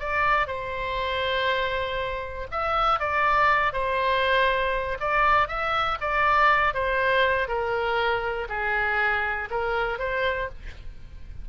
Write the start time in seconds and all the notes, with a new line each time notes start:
0.00 D5
0.48 C5
2.52 E5
3.00 D5
3.73 C5
5.01 D5
5.48 E5
6.01 D5
6.75 C5
7.49 A#4
8.49 G#4
9.51 A#4
9.99 C5